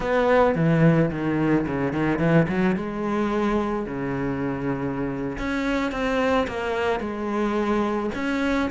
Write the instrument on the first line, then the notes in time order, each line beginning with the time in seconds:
cello
0.00 B3
0.55 E3
1.11 D#3
1.66 C#3
1.92 D#3
2.19 E3
2.48 F#3
2.75 G#3
3.86 C#3
5.38 C#4
5.91 C4
6.47 A#3
7.00 G#3
8.14 C#4